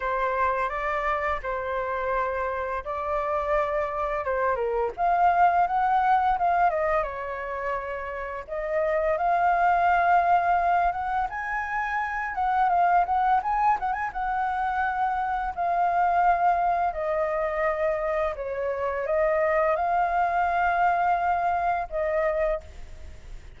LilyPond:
\new Staff \with { instrumentName = "flute" } { \time 4/4 \tempo 4 = 85 c''4 d''4 c''2 | d''2 c''8 ais'8 f''4 | fis''4 f''8 dis''8 cis''2 | dis''4 f''2~ f''8 fis''8 |
gis''4. fis''8 f''8 fis''8 gis''8 fis''16 gis''16 | fis''2 f''2 | dis''2 cis''4 dis''4 | f''2. dis''4 | }